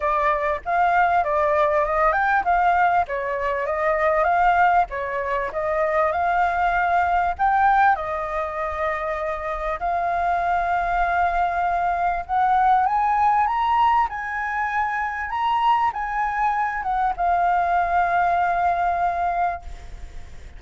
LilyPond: \new Staff \with { instrumentName = "flute" } { \time 4/4 \tempo 4 = 98 d''4 f''4 d''4 dis''8 g''8 | f''4 cis''4 dis''4 f''4 | cis''4 dis''4 f''2 | g''4 dis''2. |
f''1 | fis''4 gis''4 ais''4 gis''4~ | gis''4 ais''4 gis''4. fis''8 | f''1 | }